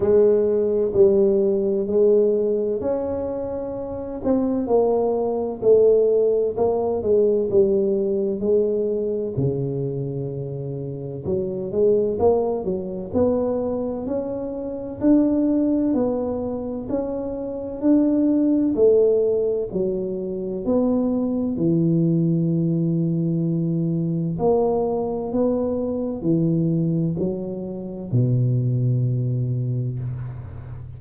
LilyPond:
\new Staff \with { instrumentName = "tuba" } { \time 4/4 \tempo 4 = 64 gis4 g4 gis4 cis'4~ | cis'8 c'8 ais4 a4 ais8 gis8 | g4 gis4 cis2 | fis8 gis8 ais8 fis8 b4 cis'4 |
d'4 b4 cis'4 d'4 | a4 fis4 b4 e4~ | e2 ais4 b4 | e4 fis4 b,2 | }